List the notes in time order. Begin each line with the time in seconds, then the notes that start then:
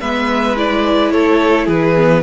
0.00 G#3 B3 B4 E5
0.56 E4 D5
1.11 A3 A4 C#5
1.66 E3 G#4 B4
1.96 B3